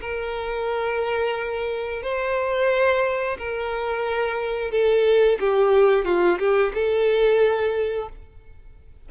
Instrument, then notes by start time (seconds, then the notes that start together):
violin
0.00 A#4
2.02 C5
3.38 A#4
4.71 A4
5.40 G4
6.05 F4
6.39 G4
6.74 A4